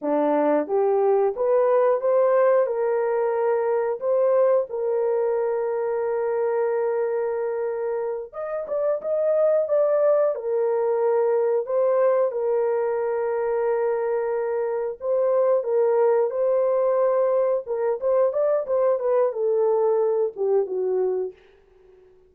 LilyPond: \new Staff \with { instrumentName = "horn" } { \time 4/4 \tempo 4 = 90 d'4 g'4 b'4 c''4 | ais'2 c''4 ais'4~ | ais'1~ | ais'8 dis''8 d''8 dis''4 d''4 ais'8~ |
ais'4. c''4 ais'4.~ | ais'2~ ais'8 c''4 ais'8~ | ais'8 c''2 ais'8 c''8 d''8 | c''8 b'8 a'4. g'8 fis'4 | }